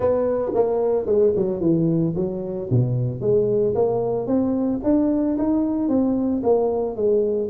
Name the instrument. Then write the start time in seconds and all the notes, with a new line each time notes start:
tuba
0.00 B3
0.54 A#3
1.06 G#3
1.36 F#3
1.60 E3
2.15 F#3
2.70 B2
3.20 G#3
3.74 A#3
4.26 C4
4.83 D4
5.38 D#4
5.88 C4
6.43 A#3
6.95 G#3